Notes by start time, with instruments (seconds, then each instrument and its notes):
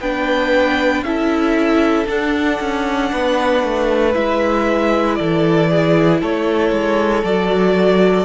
0.00 cello B3, viola D4, violin B4 G5
1.02 cello C#4, viola E4, violin A4 E5
2.06 viola D4, cello D4, violin F#5
2.60 cello C#4
3.13 cello B3, violin B4
3.63 cello A3
4.14 cello G#3, viola E4, violin E5
5.16 cello E3, violin A4 D5
5.70 violin G#4
6.20 cello A3, violin A4 C#5
6.72 cello G#3
7.24 cello F#3, viola F#4, violin D5